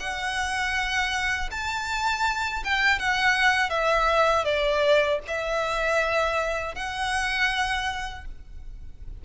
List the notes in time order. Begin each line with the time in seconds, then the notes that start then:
0.00 F#5
1.51 A5
2.65 G5
2.99 F#5
3.70 E5
4.45 D5
5.27 E5
6.75 F#5